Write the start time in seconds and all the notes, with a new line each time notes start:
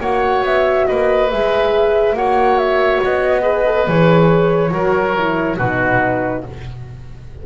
0.00 A#3 F#4 C#5 F#5
0.43 B3 E5
0.87 A#3 B4 D#5
1.31 G#3 G#4 E5
2.14 A#3 F#4 C#5 F#5
2.59 E5
3.03 B3 D#5
3.42 G#4 B4
3.66 A4
3.88 E3 G#4 C#5
4.70 F#3 F#4 A#4
5.17 E4
5.58 B2 D#4 F#4 B4